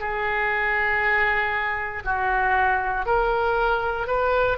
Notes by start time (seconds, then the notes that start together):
0.00 G#4
2.05 F#4
3.06 A#4
4.07 B4